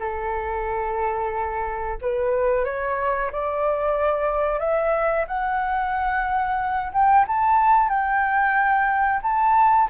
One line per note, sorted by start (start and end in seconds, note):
0.00 1.98 A4
2.01 2.65 B4
2.65 3.31 C#5
3.32 4.59 D5
4.59 5.25 E5
5.27 6.92 F#5
6.93 7.26 G5
7.27 7.89 A5
7.89 9.21 G5
9.23 9.89 A5